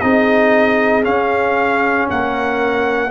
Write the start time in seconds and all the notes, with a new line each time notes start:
0.00 C4 D#4 G#4 D#5
1.03 C#4 F5
2.10 A#3 A#4 F#5